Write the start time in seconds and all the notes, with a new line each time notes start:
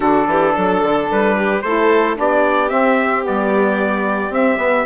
0.00 D3 D4 F#4 A4
0.27 E3 G4
0.54 F#3 A4
0.82 D3
1.11 G3 B4
1.37 G4
1.61 A3 E4 A4 C5
2.15 B3 D4 G4 D5
2.68 C4 E5
3.22 G3 B3 D5
4.29 C4 E5
4.57 B3